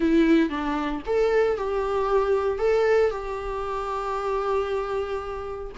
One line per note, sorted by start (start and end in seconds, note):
0.00 0.49 E4
0.49 1.01 D4
1.06 1.57 A4
1.57 2.58 G4
2.58 3.10 A4
3.10 5.71 G4